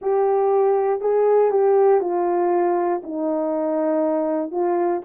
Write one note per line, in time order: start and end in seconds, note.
0.01 1.00 G4
1.00 1.50 G#4
1.50 2.01 G4
2.01 3.01 F4
3.03 4.51 D#4
4.51 5.01 F4